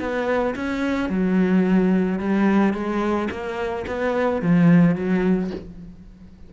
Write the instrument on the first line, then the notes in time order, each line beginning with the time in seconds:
cello
0.00 B3
0.56 C#4
1.10 F#3
2.19 G3
2.74 G#3
3.31 A#3
3.87 B3
4.42 F3
4.96 F#3